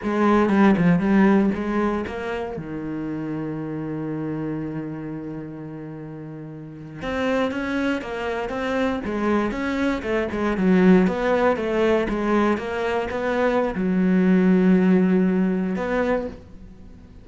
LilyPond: \new Staff \with { instrumentName = "cello" } { \time 4/4 \tempo 4 = 118 gis4 g8 f8 g4 gis4 | ais4 dis2.~ | dis1~ | dis4.~ dis16 c'4 cis'4 ais16~ |
ais8. c'4 gis4 cis'4 a16~ | a16 gis8 fis4 b4 a4 gis16~ | gis8. ais4 b4~ b16 fis4~ | fis2. b4 | }